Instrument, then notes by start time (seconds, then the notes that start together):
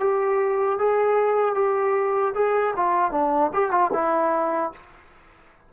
trombone
0.00 G4
0.79 G#4
1.55 G4
2.35 G#4
2.76 F4
3.12 D4
3.53 G4
3.71 F4
3.93 E4